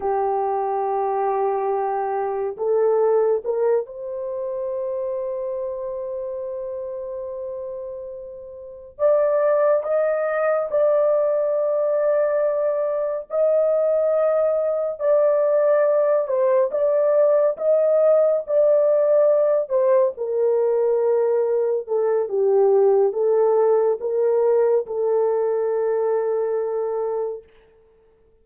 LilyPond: \new Staff \with { instrumentName = "horn" } { \time 4/4 \tempo 4 = 70 g'2. a'4 | ais'8 c''2.~ c''8~ | c''2~ c''8 d''4 dis''8~ | dis''8 d''2. dis''8~ |
dis''4. d''4. c''8 d''8~ | d''8 dis''4 d''4. c''8 ais'8~ | ais'4. a'8 g'4 a'4 | ais'4 a'2. | }